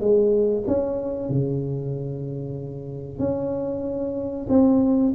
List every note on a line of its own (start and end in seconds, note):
0.00 0.64 G#3
0.67 1.29 C#4
1.29 3.19 C#3
3.19 4.46 C#4
4.49 5.13 C4